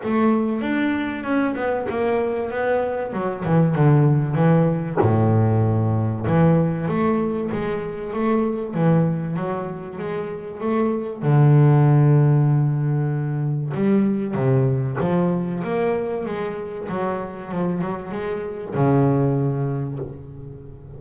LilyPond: \new Staff \with { instrumentName = "double bass" } { \time 4/4 \tempo 4 = 96 a4 d'4 cis'8 b8 ais4 | b4 fis8 e8 d4 e4 | a,2 e4 a4 | gis4 a4 e4 fis4 |
gis4 a4 d2~ | d2 g4 c4 | f4 ais4 gis4 fis4 | f8 fis8 gis4 cis2 | }